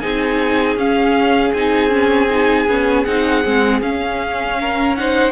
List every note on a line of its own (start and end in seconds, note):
0.00 0.77 C4
0.00 0.78 D#4
0.00 4.58 G#4
0.00 0.76 G#5
0.77 1.53 C#4
0.77 1.56 C#4
0.77 1.54 F5
1.53 2.67 C4
1.53 1.90 D#4
1.53 3.05 G#5
1.90 2.28 C#4
2.30 2.68 D#4
2.68 3.06 B3
2.68 3.07 C#4
3.05 3.45 C4
3.05 3.44 D#4
3.05 3.81 F#5
3.44 3.82 G#3
3.44 3.82 C4
3.82 5.32 C#4
3.82 4.97 C#4
3.82 4.96 F5
4.61 4.99 A#4
4.96 5.32 D#4
4.96 5.32 C5
4.96 5.32 F#5